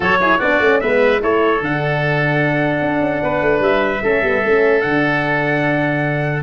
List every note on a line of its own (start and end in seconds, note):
0.00 0.38 F#3
0.00 0.19 F#4
0.00 0.17 A4
0.00 0.40 C#5
0.20 0.41 E4
0.20 0.38 G#4
0.38 0.59 B3
0.38 0.62 D4
0.38 0.78 F#4
0.38 0.80 D5
0.59 0.79 A3
0.59 0.82 C#4
0.80 1.22 G#3
0.80 1.19 B3
0.80 1.21 B4
0.80 1.20 E5
1.19 1.61 A3
1.19 1.60 E4
1.19 3.22 A4
1.19 1.63 C#5
1.61 2.81 D3
1.61 4.03 D4
1.61 3.62 F#5
2.81 3.00 D4
3.00 3.20 C#4
3.23 3.41 B3
3.23 4.03 B4
3.41 3.60 A3
3.60 4.00 G3
3.60 4.81 E5
4.03 4.21 A3
4.03 4.23 C#4
4.03 6.42 A4
4.21 4.42 G3
4.21 4.43 B3
4.44 4.84 A3
4.44 4.81 C#4
4.81 6.42 D3
4.81 6.42 D4
4.81 6.42 F#5